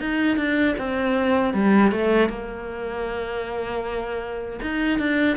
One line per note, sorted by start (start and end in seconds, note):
0.00 0.37 D#4
0.37 0.75 D4
0.78 1.53 C4
1.53 1.92 G3
1.92 2.29 A3
2.29 4.60 A#3
4.62 4.99 D#4
4.99 5.37 D4